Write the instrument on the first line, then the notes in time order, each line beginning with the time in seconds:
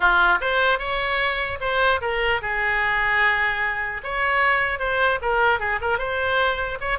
oboe
0.00 F4
0.41 C5
0.79 C#5
1.60 C5
2.01 A#4
2.41 G#4
4.03 C#5
4.79 C5
5.21 A#4
5.59 G#4
5.81 A#4
5.98 C5
6.80 C#5